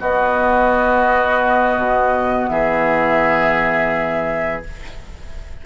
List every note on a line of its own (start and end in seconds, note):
0.00 4.64 B3
0.00 1.78 B3
0.00 2.50 F#4
0.00 2.48 D#5
1.78 2.49 B2
2.48 4.64 E3
2.48 4.66 G#4
2.48 4.62 E5